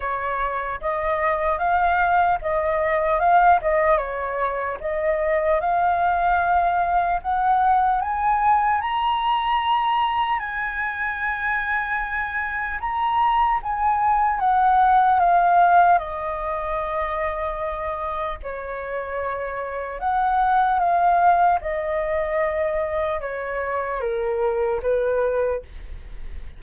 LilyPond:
\new Staff \with { instrumentName = "flute" } { \time 4/4 \tempo 4 = 75 cis''4 dis''4 f''4 dis''4 | f''8 dis''8 cis''4 dis''4 f''4~ | f''4 fis''4 gis''4 ais''4~ | ais''4 gis''2. |
ais''4 gis''4 fis''4 f''4 | dis''2. cis''4~ | cis''4 fis''4 f''4 dis''4~ | dis''4 cis''4 ais'4 b'4 | }